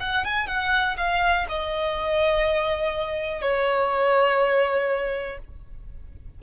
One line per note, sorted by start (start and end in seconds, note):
0.00 0.25 F#5
0.25 0.47 G#5
0.47 0.96 F#5
0.97 1.46 F5
1.48 3.41 D#5
3.41 5.38 C#5